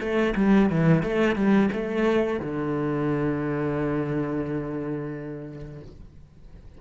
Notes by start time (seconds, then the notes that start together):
0.00 A3
0.36 G3
0.69 E3
1.03 A3
1.35 G3
1.72 A3
2.40 D3